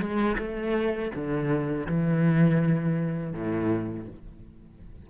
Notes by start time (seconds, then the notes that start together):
0.00 G#3
0.38 A3
1.15 D3
1.87 E3
3.33 A2